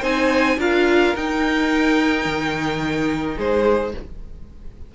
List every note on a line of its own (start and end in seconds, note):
0.00 0.58 C4
0.00 0.58 D#4
0.00 0.56 C5
0.00 0.59 G#5
0.58 1.13 D4
0.58 1.15 F4
0.58 3.36 A#4
0.58 1.16 F5
1.15 3.93 D#4
1.15 2.25 D#4
1.15 3.38 G5
2.25 3.36 D#3
3.36 3.94 G#3
3.36 3.91 G#4
3.36 3.95 C5